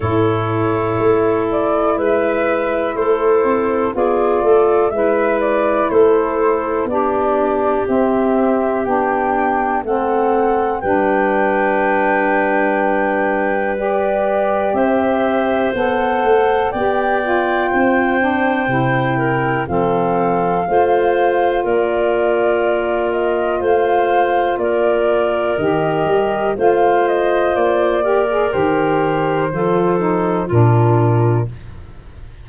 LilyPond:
<<
  \new Staff \with { instrumentName = "flute" } { \time 4/4 \tempo 4 = 61 cis''4. d''8 e''4 c''4 | d''4 e''8 d''8 c''4 d''4 | e''4 g''4 fis''4 g''4~ | g''2 d''4 e''4 |
fis''4 g''2. | f''2 d''4. dis''8 | f''4 d''4 dis''4 f''8 dis''8 | d''4 c''2 ais'4 | }
  \new Staff \with { instrumentName = "clarinet" } { \time 4/4 a'2 b'4 a'4 | gis'8 a'8 b'4 a'4 g'4~ | g'2 a'4 b'4~ | b'2. c''4~ |
c''4 d''4 c''4. ais'8 | a'4 c''4 ais'2 | c''4 ais'2 c''4~ | c''8 ais'4. a'4 f'4 | }
  \new Staff \with { instrumentName = "saxophone" } { \time 4/4 e'1 | f'4 e'2 d'4 | c'4 d'4 c'4 d'4~ | d'2 g'2 |
a'4 g'8 f'4 d'8 e'4 | c'4 f'2.~ | f'2 g'4 f'4~ | f'8 g'16 gis'16 g'4 f'8 dis'8 d'4 | }
  \new Staff \with { instrumentName = "tuba" } { \time 4/4 a,4 a4 gis4 a8 c'8 | b8 a8 gis4 a4 b4 | c'4 b4 a4 g4~ | g2. c'4 |
b8 a8 b4 c'4 c4 | f4 a4 ais2 | a4 ais4 dis8 g8 a4 | ais4 dis4 f4 ais,4 | }
>>